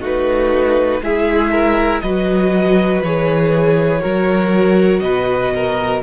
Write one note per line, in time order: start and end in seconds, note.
0.00 1.01 A3
0.00 1.02 D#4
0.00 1.00 F#4
0.06 1.04 B4
1.02 2.02 G#3
1.02 2.03 E4
1.02 1.52 G#4
1.02 2.01 E5
1.52 2.02 A#4
2.01 3.02 F#3
2.01 3.04 F#4
2.01 4.01 B4
2.01 3.01 D#5
3.02 4.03 E3
3.02 4.00 G#4
3.02 5.00 C#5
4.00 5.02 F#3
4.00 6.00 F#4
4.00 5.01 A#4
5.00 6.02 B2
5.00 5.54 B4
5.00 6.00 D#5
5.55 6.03 A#4